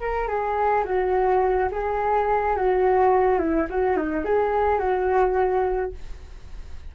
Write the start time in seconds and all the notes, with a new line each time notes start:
0.00 A#4
0.28 G#4
0.85 F#4
1.72 G#4
2.57 F#4
3.39 E4
3.70 F#4
3.97 D#4
4.25 G#4
4.79 F#4